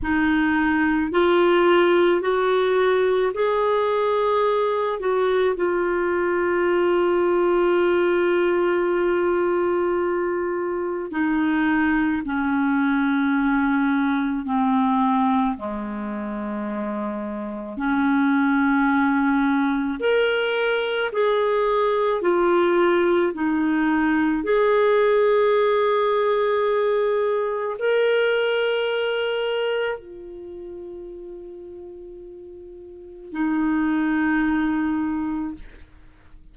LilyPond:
\new Staff \with { instrumentName = "clarinet" } { \time 4/4 \tempo 4 = 54 dis'4 f'4 fis'4 gis'4~ | gis'8 fis'8 f'2.~ | f'2 dis'4 cis'4~ | cis'4 c'4 gis2 |
cis'2 ais'4 gis'4 | f'4 dis'4 gis'2~ | gis'4 ais'2 f'4~ | f'2 dis'2 | }